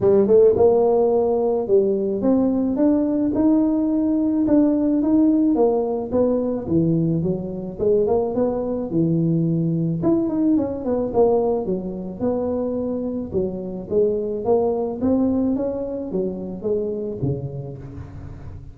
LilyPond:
\new Staff \with { instrumentName = "tuba" } { \time 4/4 \tempo 4 = 108 g8 a8 ais2 g4 | c'4 d'4 dis'2 | d'4 dis'4 ais4 b4 | e4 fis4 gis8 ais8 b4 |
e2 e'8 dis'8 cis'8 b8 | ais4 fis4 b2 | fis4 gis4 ais4 c'4 | cis'4 fis4 gis4 cis4 | }